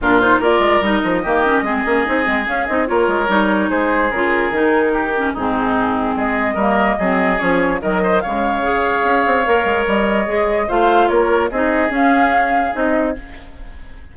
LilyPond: <<
  \new Staff \with { instrumentName = "flute" } { \time 4/4 \tempo 4 = 146 ais'8 c''8 d''4 dis''2~ | dis''2 f''8 dis''8 cis''4~ | cis''4 c''4 ais'2~ | ais'4 gis'2 dis''4~ |
dis''2 cis''4 dis''4 | f''1 | dis''2 f''4 cis''4 | dis''4 f''2 dis''4 | }
  \new Staff \with { instrumentName = "oboe" } { \time 4/4 f'4 ais'2 g'4 | gis'2. ais'4~ | ais'4 gis'2. | g'4 dis'2 gis'4 |
ais'4 gis'2 ais'8 c''8 | cis''1~ | cis''2 c''4 ais'4 | gis'1 | }
  \new Staff \with { instrumentName = "clarinet" } { \time 4/4 d'8 dis'8 f'4 dis'4 ais8 cis'8 | c'8 cis'8 dis'8 c'8 cis'8 dis'8 f'4 | dis'2 f'4 dis'4~ | dis'8 cis'8 c'2. |
ais4 c'4 cis'4 fis4 | gis4 gis'2 ais'4~ | ais'4 gis'4 f'2 | dis'4 cis'2 dis'4 | }
  \new Staff \with { instrumentName = "bassoon" } { \time 4/4 ais,4 ais8 gis8 g8 f8 dis4 | gis8 ais8 c'8 gis8 cis'8 c'8 ais8 gis8 | g4 gis4 cis4 dis4~ | dis4 gis,2 gis4 |
g4 fis4 f4 dis4 | cis2 cis'8 c'8 ais8 gis8 | g4 gis4 a4 ais4 | c'4 cis'2 c'4 | }
>>